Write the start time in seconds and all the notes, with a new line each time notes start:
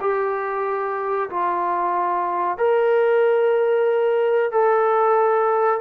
0.00 G4
1.29 F4
2.57 A#4
4.51 A4